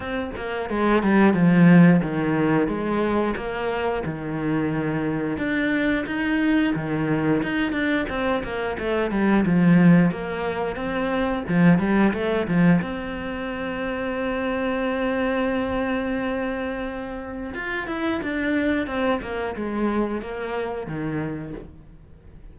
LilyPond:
\new Staff \with { instrumentName = "cello" } { \time 4/4 \tempo 4 = 89 c'8 ais8 gis8 g8 f4 dis4 | gis4 ais4 dis2 | d'4 dis'4 dis4 dis'8 d'8 | c'8 ais8 a8 g8 f4 ais4 |
c'4 f8 g8 a8 f8 c'4~ | c'1~ | c'2 f'8 e'8 d'4 | c'8 ais8 gis4 ais4 dis4 | }